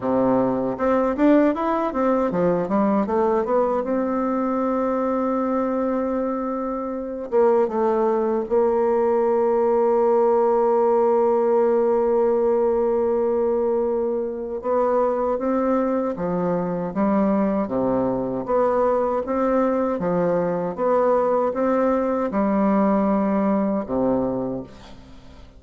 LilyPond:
\new Staff \with { instrumentName = "bassoon" } { \time 4/4 \tempo 4 = 78 c4 c'8 d'8 e'8 c'8 f8 g8 | a8 b8 c'2.~ | c'4. ais8 a4 ais4~ | ais1~ |
ais2. b4 | c'4 f4 g4 c4 | b4 c'4 f4 b4 | c'4 g2 c4 | }